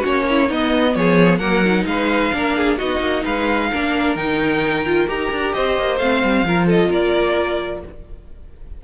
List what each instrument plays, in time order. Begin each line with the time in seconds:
0.00 cello A#3, viola C#4, violin F#4 C#5
0.29 violin E4
0.48 cello B3, viola B3, violin D#4 D#5
0.95 cello F3, violin G#4 C#5
1.38 cello F#3, viola A#3, violin A#4 F#5
1.65 viola D#4
1.85 cello G#3, violin B4 F5
2.32 cello A#3, viola D4, violin A#4
2.57 violin G#4
2.77 cello B3, viola D#4, violin F#4 D#5
2.99 cello A#3
3.24 cello G#3, violin B4 F5
3.71 cello A#3, viola D4, violin A#4
4.15 cello D#3, viola D#4, violin G5
4.85 viola F4
5.06 cello D#4, viola G4, violin A#5
5.31 cello D4
5.52 cello C4, violin C5 D#5
5.77 cello A#3
5.98 cello A3, viola C4, violin F5
6.23 cello G3
6.43 cello F3, viola F4, violin A#4
6.66 violin A4 D#5
6.89 cello A#3, violin A#4 D5